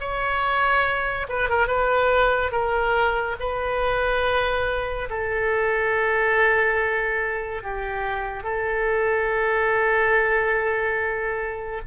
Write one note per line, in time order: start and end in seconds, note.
0.00 1.27 C#5
1.29 1.49 B4
1.49 1.67 A#4
1.67 2.52 B4
2.52 3.36 A#4
3.40 5.09 B4
5.10 7.63 A4
7.63 8.43 G4
8.43 11.81 A4